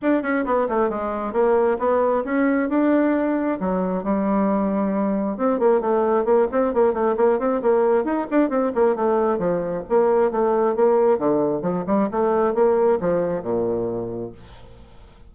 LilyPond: \new Staff \with { instrumentName = "bassoon" } { \time 4/4 \tempo 4 = 134 d'8 cis'8 b8 a8 gis4 ais4 | b4 cis'4 d'2 | fis4 g2. | c'8 ais8 a4 ais8 c'8 ais8 a8 |
ais8 c'8 ais4 dis'8 d'8 c'8 ais8 | a4 f4 ais4 a4 | ais4 d4 f8 g8 a4 | ais4 f4 ais,2 | }